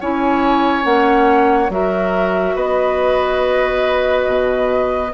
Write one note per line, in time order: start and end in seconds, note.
0.00 0.84 C#4
0.00 0.83 E4
0.00 1.71 C#5
0.00 0.84 G#5
0.83 1.69 A#3
0.83 1.68 C#4
0.83 1.70 F#5
1.69 2.54 F#3
1.69 5.13 F#4
1.69 2.55 A#4
1.69 2.57 E5
2.55 4.26 B3
2.55 5.12 B4
2.55 5.13 D#5
4.26 5.12 B2